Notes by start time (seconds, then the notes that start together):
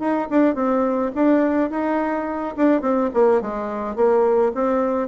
0.00 D#4
0.31 D4
0.56 C4
1.16 D4
1.71 D#4
2.57 D4
2.82 C4
3.14 A#3
3.42 G#3
3.96 A#3
4.55 C4